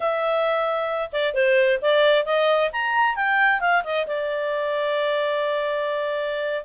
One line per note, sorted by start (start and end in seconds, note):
0.00 1.09 E5
1.12 1.34 D5
1.34 1.79 C5
1.81 2.25 D5
2.25 2.70 D#5
2.72 3.15 A#5
3.15 3.60 G5
3.60 3.83 F5
3.83 4.06 D#5
4.06 6.64 D5